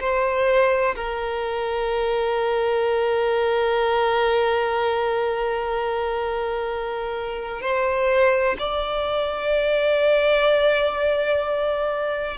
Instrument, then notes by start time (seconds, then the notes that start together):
violin
0.00 C5
0.96 A#4
7.61 C5
8.59 D5